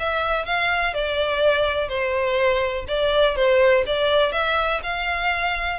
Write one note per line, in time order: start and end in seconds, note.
0.00 0.46 E5
0.46 0.94 F5
0.94 1.89 D5
1.89 2.86 C5
2.89 3.36 D5
3.36 3.85 C5
3.87 4.33 D5
4.33 4.81 E5
4.84 5.80 F5